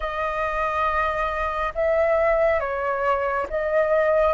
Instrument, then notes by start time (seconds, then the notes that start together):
flute
0.00 D#5
1.74 E5
2.59 C#5
3.49 D#5